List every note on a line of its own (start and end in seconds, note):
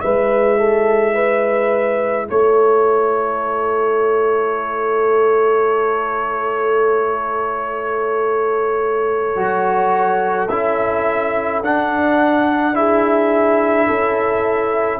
0.00 2.29 G#3
0.00 9.36 E4
0.00 0.58 B4
0.00 2.26 E5
0.58 1.14 A4
1.14 2.27 B4
2.29 9.36 A3
2.29 12.76 A4
2.29 10.48 C#5
9.36 10.49 F#3
9.36 10.49 F#4
10.48 11.61 C#4
10.48 11.63 E4
10.48 11.61 E5
11.61 13.87 D4
11.61 12.74 D4
11.61 12.75 F#5
12.74 15.00 E4
12.74 13.86 G#4
12.74 15.00 E5
13.86 15.00 C#4
13.86 15.00 A4